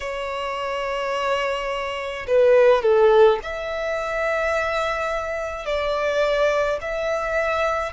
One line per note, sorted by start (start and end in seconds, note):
0.00 2.26 C#5
2.26 2.82 B4
2.82 3.39 A4
3.43 5.65 E5
5.65 6.78 D5
6.81 7.92 E5